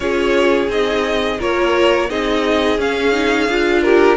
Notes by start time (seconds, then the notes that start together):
0.00 C#4 F4 G#4 C#5
0.68 C4 D#4 D#5
1.39 A#3 F4 A#4 C#5
2.09 C4 D#4 G#4 D#5
2.77 C#4 F5
3.12 D#4
3.48 D4 F4
3.82 G4 A#4